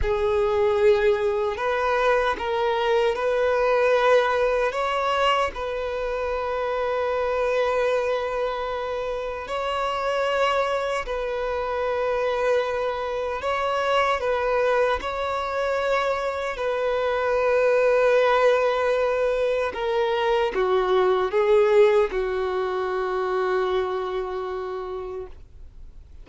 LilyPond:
\new Staff \with { instrumentName = "violin" } { \time 4/4 \tempo 4 = 76 gis'2 b'4 ais'4 | b'2 cis''4 b'4~ | b'1 | cis''2 b'2~ |
b'4 cis''4 b'4 cis''4~ | cis''4 b'2.~ | b'4 ais'4 fis'4 gis'4 | fis'1 | }